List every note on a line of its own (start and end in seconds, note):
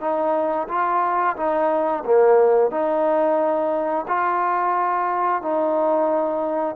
0.00 0.67 D#4
0.68 1.35 F4
1.36 2.03 D#4
2.04 2.71 A#3
2.71 4.05 D#4
4.07 5.41 F4
5.41 6.75 D#4